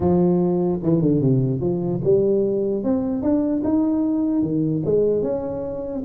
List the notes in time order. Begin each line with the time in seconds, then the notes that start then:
0.00 F3
0.82 E3
1.01 D3
1.20 C3
1.60 F3
2.04 G3
2.83 C4
3.22 D4
3.64 D#4
4.42 D#3
4.85 G#3
5.22 C#4